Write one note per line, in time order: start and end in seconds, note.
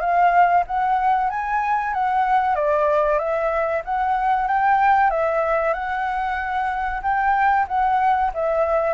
0.00 0.64 F5
0.66 1.30 F#5
1.30 1.94 G#5
1.94 2.55 F#5
2.55 3.18 D5
3.18 3.82 E5
3.85 4.47 F#5
4.47 5.10 G5
5.10 5.73 E5
5.73 7.01 F#5
7.02 7.66 G5
7.68 8.32 F#5
8.34 8.93 E5